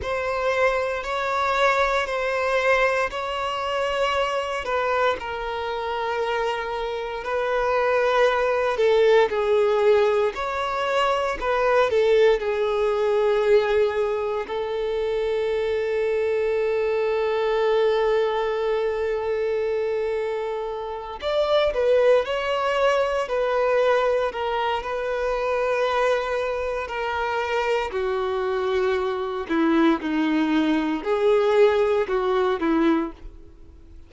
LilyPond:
\new Staff \with { instrumentName = "violin" } { \time 4/4 \tempo 4 = 58 c''4 cis''4 c''4 cis''4~ | cis''8 b'8 ais'2 b'4~ | b'8 a'8 gis'4 cis''4 b'8 a'8 | gis'2 a'2~ |
a'1~ | a'8 d''8 b'8 cis''4 b'4 ais'8 | b'2 ais'4 fis'4~ | fis'8 e'8 dis'4 gis'4 fis'8 e'8 | }